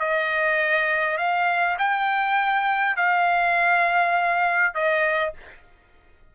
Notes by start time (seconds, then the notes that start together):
0.00 D#5
1.18 F5
1.79 G5
2.97 F5
4.75 D#5